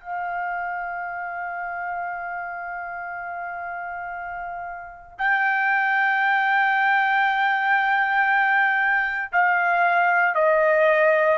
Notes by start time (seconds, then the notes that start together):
0.00 F5
5.18 G5
9.32 F5
10.34 D#5